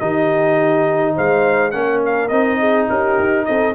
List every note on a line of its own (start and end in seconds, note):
0.00 1.17 D#3
0.00 1.73 D#4
0.00 1.15 G4
0.00 1.15 D#5
1.15 1.74 G#3
1.15 1.73 C5
1.15 1.72 F5
1.72 2.31 A#3
1.72 2.30 C#4
1.72 2.59 A#4
1.72 2.00 F#5
2.06 2.28 F5
2.28 2.89 C4
2.28 3.75 D#4
2.28 2.86 D#5
2.59 2.88 G#4
2.89 3.19 C#4
2.89 3.46 G4
2.89 3.45 A#4
3.19 3.48 D#4
3.45 3.75 C4
3.45 3.75 A4
3.45 3.74 D#5